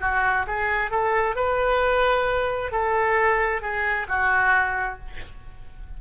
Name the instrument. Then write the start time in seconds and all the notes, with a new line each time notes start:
oboe
0.00 F#4
0.47 G#4
0.90 A4
1.35 B4
2.71 A4
3.61 G#4
4.08 F#4